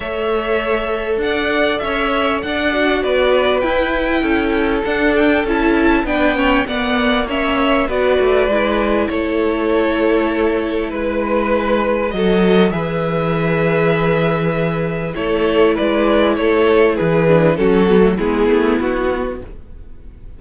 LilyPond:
<<
  \new Staff \with { instrumentName = "violin" } { \time 4/4 \tempo 4 = 99 e''2 fis''4 e''4 | fis''4 d''4 g''2 | fis''8 g''8 a''4 g''4 fis''4 | e''4 d''2 cis''4~ |
cis''2 b'2 | dis''4 e''2.~ | e''4 cis''4 d''4 cis''4 | b'4 a'4 gis'4 fis'4 | }
  \new Staff \with { instrumentName = "violin" } { \time 4/4 cis''2 d''4 cis''4 | d''4 b'2 a'4~ | a'2 b'8 cis''8 d''4 | cis''4 b'2 a'4~ |
a'2 b'2 | a'4 b'2.~ | b'4 a'4 b'4 a'4 | gis'4 fis'4 e'2 | }
  \new Staff \with { instrumentName = "viola" } { \time 4/4 a'1~ | a'8 fis'4. e'2 | d'4 e'4 d'8 cis'8 b4 | cis'4 fis'4 e'2~ |
e'1 | fis'4 gis'2.~ | gis'4 e'2.~ | e'8 d'8 cis'8 b16 a16 b2 | }
  \new Staff \with { instrumentName = "cello" } { \time 4/4 a2 d'4 cis'4 | d'4 b4 e'4 cis'4 | d'4 cis'4 b4 ais4~ | ais4 b8 a8 gis4 a4~ |
a2 gis2 | fis4 e2.~ | e4 a4 gis4 a4 | e4 fis4 gis8 a8 b4 | }
>>